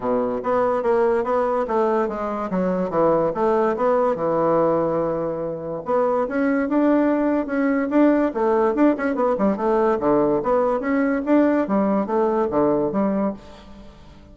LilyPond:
\new Staff \with { instrumentName = "bassoon" } { \time 4/4 \tempo 4 = 144 b,4 b4 ais4 b4 | a4 gis4 fis4 e4 | a4 b4 e2~ | e2 b4 cis'4 |
d'2 cis'4 d'4 | a4 d'8 cis'8 b8 g8 a4 | d4 b4 cis'4 d'4 | g4 a4 d4 g4 | }